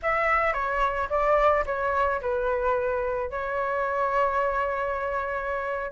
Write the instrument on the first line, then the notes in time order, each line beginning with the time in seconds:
flute
0.02 E5
0.53 C#5
1.09 D5
1.65 C#5
2.21 B4
3.30 C#5